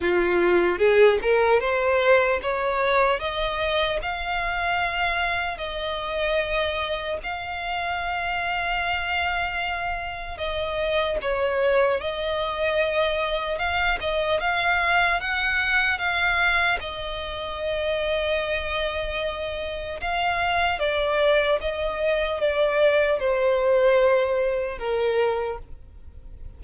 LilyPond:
\new Staff \with { instrumentName = "violin" } { \time 4/4 \tempo 4 = 75 f'4 gis'8 ais'8 c''4 cis''4 | dis''4 f''2 dis''4~ | dis''4 f''2.~ | f''4 dis''4 cis''4 dis''4~ |
dis''4 f''8 dis''8 f''4 fis''4 | f''4 dis''2.~ | dis''4 f''4 d''4 dis''4 | d''4 c''2 ais'4 | }